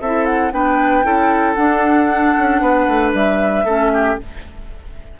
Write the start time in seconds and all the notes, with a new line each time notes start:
0.00 C4 E4 A4 E5
0.25 F#5
0.51 B3 D4 B4 G5
1.03 C#4 E4 A4
1.54 D4 F#5
2.38 C#4
2.60 B3 B4
2.87 A3
3.13 G3 E5
3.64 A3 C#4 A4
3.93 G4